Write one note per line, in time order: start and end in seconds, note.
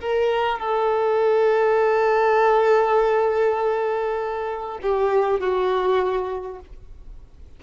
0.00 0.58 A#4
0.58 4.78 A4
4.82 5.39 G4
5.39 6.59 F#4